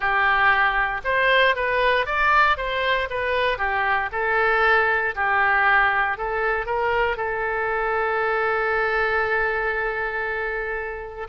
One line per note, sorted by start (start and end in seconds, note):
0.00 1.01 G4
1.04 1.55 C5
1.55 2.06 B4
2.06 2.57 D5
2.57 3.08 C5
3.10 3.58 B4
3.58 4.09 G4
4.12 5.14 A4
5.15 6.17 G4
6.17 6.65 A4
6.65 7.17 A#4
7.17 11.27 A4